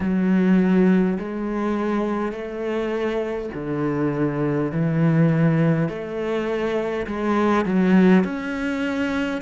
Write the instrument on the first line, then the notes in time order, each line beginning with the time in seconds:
cello
0.00 F#3
1.18 G#3
2.32 A3
3.54 D3
4.71 E3
5.88 A3
7.06 G#3
7.65 F#3
8.24 C#4